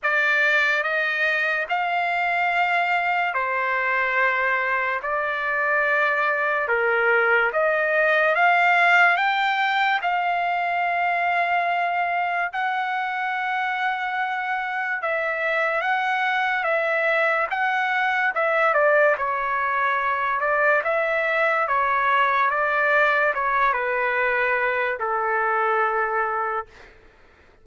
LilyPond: \new Staff \with { instrumentName = "trumpet" } { \time 4/4 \tempo 4 = 72 d''4 dis''4 f''2 | c''2 d''2 | ais'4 dis''4 f''4 g''4 | f''2. fis''4~ |
fis''2 e''4 fis''4 | e''4 fis''4 e''8 d''8 cis''4~ | cis''8 d''8 e''4 cis''4 d''4 | cis''8 b'4. a'2 | }